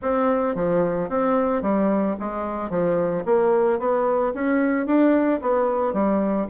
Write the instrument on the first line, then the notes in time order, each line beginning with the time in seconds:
bassoon
0.02 C4
0.55 F3
1.09 C4
1.62 G3
2.19 G#3
2.70 F3
3.25 A#3
3.79 B3
4.34 C#4
4.86 D4
5.41 B3
5.93 G3